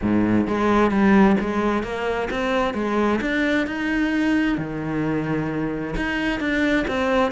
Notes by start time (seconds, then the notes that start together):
0.01 G#2
0.47 G#3
0.90 G3
1.40 G#3
1.83 A#3
2.30 C4
2.74 G#3
3.21 D4
3.66 D#4
4.57 D#3
5.96 D#4
6.39 D4
6.87 C4